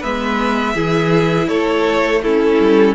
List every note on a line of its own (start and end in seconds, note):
0.00 0.75 G#3
0.00 0.75 B3
0.00 0.73 B4
0.00 1.48 E5
0.74 1.48 E3
0.74 2.21 E4
0.74 1.47 G#4
1.48 2.58 A3
1.48 2.22 A4
1.48 2.22 C#5
2.23 2.94 C#4
2.23 2.94 E4
2.23 2.94 A4
2.59 2.94 G3